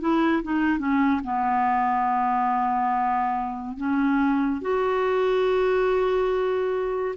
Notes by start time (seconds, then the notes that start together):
0.00 E4
0.43 D#4
0.78 C#4
1.24 B3
3.77 C#4
4.61 F#4